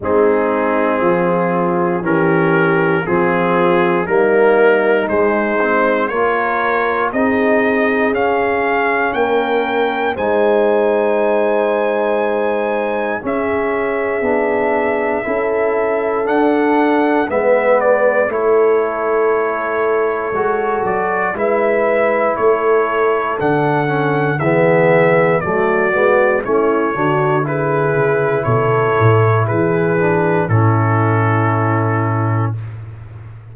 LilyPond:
<<
  \new Staff \with { instrumentName = "trumpet" } { \time 4/4 \tempo 4 = 59 gis'2 ais'4 gis'4 | ais'4 c''4 cis''4 dis''4 | f''4 g''4 gis''2~ | gis''4 e''2. |
fis''4 e''8 d''8 cis''2~ | cis''8 d''8 e''4 cis''4 fis''4 | e''4 d''4 cis''4 b'4 | cis''4 b'4 a'2 | }
  \new Staff \with { instrumentName = "horn" } { \time 4/4 dis'4 f'4 g'4 f'4 | dis'2 ais'4 gis'4~ | gis'4 ais'4 c''2~ | c''4 gis'2 a'4~ |
a'4 b'4 a'2~ | a'4 b'4 a'2 | gis'4 fis'4 e'8 fis'8 gis'4 | a'4 gis'4 e'2 | }
  \new Staff \with { instrumentName = "trombone" } { \time 4/4 c'2 cis'4 c'4 | ais4 gis8 c'8 f'4 dis'4 | cis'2 dis'2~ | dis'4 cis'4 d'4 e'4 |
d'4 b4 e'2 | fis'4 e'2 d'8 cis'8 | b4 a8 b8 cis'8 d'8 e'4~ | e'4. d'8 cis'2 | }
  \new Staff \with { instrumentName = "tuba" } { \time 4/4 gis4 f4 e4 f4 | g4 gis4 ais4 c'4 | cis'4 ais4 gis2~ | gis4 cis'4 b4 cis'4 |
d'4 gis4 a2 | gis8 fis8 gis4 a4 d4 | e4 fis8 gis8 a8 d4 cis8 | b,8 a,8 e4 a,2 | }
>>